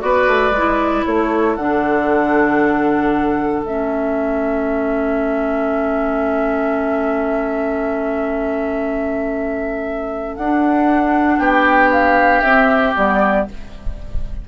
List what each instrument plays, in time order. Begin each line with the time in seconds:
0.00 bassoon B3, clarinet F#4, oboe B4, flute D5
0.27 bassoon A3
0.51 bassoon G#3
0.57 clarinet E4
1.05 bassoon A3, oboe A4, flute C#5
1.56 bassoon D3, clarinet D4, flute F#5
3.64 bassoon A3, clarinet C#4, flute E5
10.36 bassoon D4, clarinet D4, flute F#5
11.38 bassoon B3, oboe G4, flute G5
11.92 flute F5
12.42 bassoon C4, clarinet C4, flute E5
12.95 bassoon G3, clarinet B3, flute D5